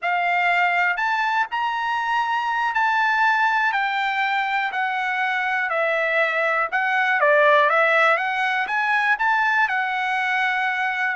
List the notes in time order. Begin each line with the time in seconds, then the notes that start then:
0.01 F5
0.96 A5
1.51 A#5
2.74 A5
3.72 G5
4.72 F#5
5.69 E5
6.71 F#5
7.20 D5
7.69 E5
8.17 F#5
8.67 G#5
9.18 A5
9.68 F#5